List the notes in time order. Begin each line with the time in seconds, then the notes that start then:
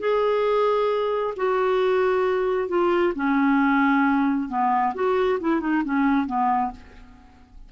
0.00 G#4
1.37 F#4
2.69 F4
3.15 C#4
4.49 B3
4.95 F#4
5.41 E4
5.61 D#4
5.85 C#4
6.27 B3